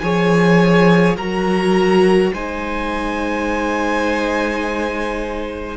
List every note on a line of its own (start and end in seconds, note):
0.00 1.17 F3
0.00 1.18 G#4
0.00 1.17 C#5
0.00 1.15 G#5
1.17 2.32 F#3
1.17 2.34 F#4
1.17 2.32 A#4
1.17 2.33 A#5
2.33 5.77 G#3
2.33 5.77 D#4
2.33 5.77 C5
2.33 5.77 G#5